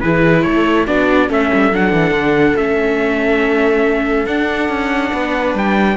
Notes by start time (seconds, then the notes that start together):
0.00 E3 E4 G#4 B4
0.43 A3 A4 C#5
0.86 B3 D4 F#4 D5
1.28 A3 C#4 A4 E5
1.53 G3
1.71 F#3 D4 F#5
1.93 E3
2.11 D3
2.56 A3 C#4 E5
4.26 D4 F#5
4.69 C#4
5.13 B3 B4
5.54 G3 G5